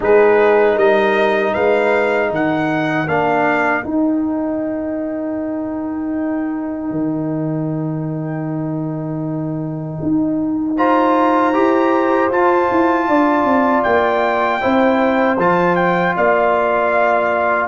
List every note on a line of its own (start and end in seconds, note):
0.00 0.76 G#3
0.00 3.07 D#4
0.00 0.75 G#4
0.00 0.78 B4
0.75 1.53 G3
0.75 1.52 A#4
0.75 1.53 D#5
1.53 2.30 G#3
1.53 2.30 B4
1.53 2.30 F5
2.30 3.06 D#3
2.30 10.76 A#4
2.30 3.08 F#5
3.06 3.83 A#3
3.06 3.83 D4
3.06 3.84 F5
3.83 10.75 D#4
3.83 6.90 D#4
3.83 10.76 G5
6.90 9.98 D#3
10.02 11.55 D#4
10.76 11.53 F4
10.76 13.07 C5
10.76 12.30 A#5
11.53 12.30 E4
11.53 12.30 G4
12.30 12.68 F4
12.30 14.60 F4
12.30 13.83 A5
12.71 13.08 E4
13.08 13.44 D4
13.08 14.61 D5
13.44 13.82 C4
13.83 14.62 A#3
13.83 15.37 G5
14.60 15.37 C4
14.60 15.37 E4
14.60 16.15 C5
15.37 16.14 F3
15.37 17.68 F4
15.37 15.75 A5
15.75 16.14 G5
16.16 17.68 A#3
16.16 17.68 D5
16.16 17.68 F5